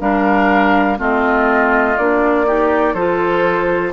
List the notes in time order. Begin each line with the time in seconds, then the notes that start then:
0.00 G3 D4 A#4 F5
0.98 A3 C4 F4 D#5
1.97 A#3 D4 D5
2.46 D#4 G4
2.94 F3 F4 A4 C5